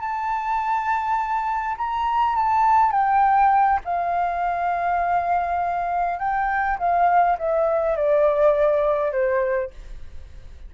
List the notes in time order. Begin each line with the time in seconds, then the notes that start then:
0.00 A5
1.78 A#5
2.36 A5
2.92 G5
3.85 F5
6.19 G5
6.79 F5
7.38 E5
7.96 D5
9.12 C5